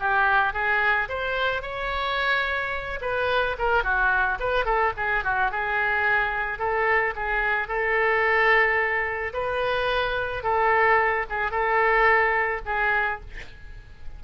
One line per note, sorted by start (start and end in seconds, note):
0.00 0.54 G4
0.54 1.09 G#4
1.09 1.63 C5
1.63 3.00 C#5
3.02 3.57 B4
3.59 3.84 A#4
3.84 4.39 F#4
4.40 4.66 B4
4.66 4.93 A4
4.97 5.24 G#4
5.24 5.52 F#4
5.52 6.59 G#4
6.59 7.14 A4
7.16 7.68 G#4
7.68 9.34 A4
9.34 10.44 B4
10.44 11.26 A4
11.30 11.51 G#4
11.51 12.62 A4
12.66 13.21 G#4